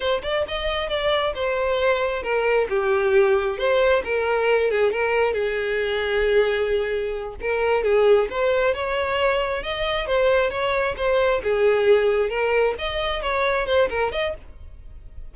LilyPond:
\new Staff \with { instrumentName = "violin" } { \time 4/4 \tempo 4 = 134 c''8 d''8 dis''4 d''4 c''4~ | c''4 ais'4 g'2 | c''4 ais'4. gis'8 ais'4 | gis'1~ |
gis'8 ais'4 gis'4 c''4 cis''8~ | cis''4. dis''4 c''4 cis''8~ | cis''8 c''4 gis'2 ais'8~ | ais'8 dis''4 cis''4 c''8 ais'8 dis''8 | }